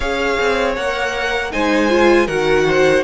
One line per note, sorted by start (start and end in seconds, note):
0.00 0.37 C#4
0.00 0.77 G#4
0.00 1.50 C#5
0.00 0.72 F5
0.39 0.77 C4
0.76 1.53 A#3
0.76 1.51 A#4
0.76 1.52 F#5
1.51 2.27 G#3
1.51 1.89 D#4
1.51 2.26 C5
1.51 2.27 G#5
1.89 2.27 F4
2.26 3.03 D#3
2.26 3.04 F#4
2.26 2.64 A#4
2.26 3.03 F#5
2.67 3.04 C5